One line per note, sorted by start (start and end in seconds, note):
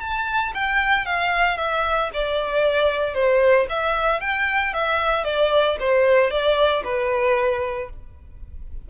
0.00 0.53 A5
0.54 1.06 G5
1.06 1.57 F5
1.57 2.10 E5
2.13 3.14 D5
3.14 3.67 C5
3.69 4.21 E5
4.21 4.73 G5
4.73 5.24 E5
5.24 5.77 D5
5.80 6.30 C5
6.30 6.83 D5
6.84 7.89 B4